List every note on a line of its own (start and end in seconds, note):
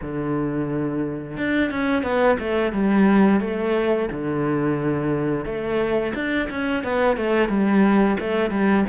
0.01 1.37 D3
1.37 1.70 D4
1.70 2.03 C#4
2.03 2.37 B3
2.39 2.72 A3
2.72 3.40 G3
3.40 4.08 A3
4.11 5.45 D3
5.45 6.13 A3
6.14 6.48 D4
6.50 6.83 C#4
6.83 7.16 B3
7.16 7.48 A3
7.48 8.17 G3
8.19 8.50 A3
8.50 8.84 G3